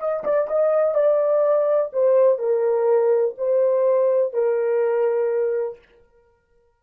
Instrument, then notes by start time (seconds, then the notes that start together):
horn
0.00 D#5
0.25 D5
0.48 D#5
0.95 D5
1.93 C5
2.39 A#4
3.38 C5
4.34 A#4